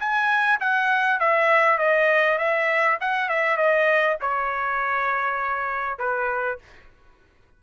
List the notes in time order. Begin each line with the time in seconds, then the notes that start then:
0.00 G#5
0.60 F#5
1.20 E5
1.78 D#5
2.38 E5
3.01 F#5
3.29 E5
3.57 D#5
4.21 C#5
5.99 B4